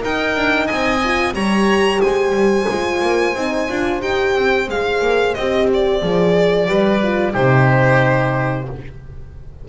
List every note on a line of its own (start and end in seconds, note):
0.00 1.00 D#4
0.00 0.36 D#4
0.00 0.66 A#4
0.00 0.67 G5
0.36 0.69 D4
0.66 1.33 C4
0.66 1.33 D#5
0.66 1.33 G#5
1.04 1.33 F4
1.33 2.00 G3
1.33 2.66 G4
1.33 2.01 C#5
1.33 2.01 A#5
2.01 2.32 G#3
2.01 6.68 C5
2.01 4.01 G#5
2.32 2.65 G3
2.68 3.01 G#3
2.68 3.35 F4
3.01 3.34 A#3
3.34 3.68 C4
3.34 3.68 D#4
3.68 4.02 D4
3.68 4.00 F4
4.00 4.35 D#4
4.00 4.67 G4
4.00 4.68 G5
4.35 4.68 C4
4.68 5.01 G#3
4.68 5.37 G#4
4.68 5.34 F5
5.01 5.34 A#3
5.34 6.02 C4
5.34 6.01 G4
5.34 5.67 D#5
5.73 7.35 D5
6.01 6.67 F3
6.01 6.67 G#4
6.67 7.34 G3
6.67 7.00 G4
6.67 7.32 B4
7.02 7.32 F4
7.32 8.68 C3
7.32 8.66 D#4
7.32 8.66 G4
7.32 8.68 C5